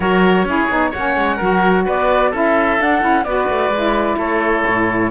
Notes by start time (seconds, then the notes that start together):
0.00 F#3 F#4 A#4 C#5
0.44 C#4 E4 G#4
0.69 B3 D#4
0.90 A#3 C#5 F#5
0.96 C#4
1.16 G#3
1.36 F#3 F#4 A#4
1.85 B3 B4 D5
2.30 C#4 E4 A4 E5
2.77 D4 F#5
3.01 C#4 E4
3.24 B3 F#4 B4 D5
3.49 A3
3.69 G#3 E4
4.17 A3 A4 C#5
4.67 A2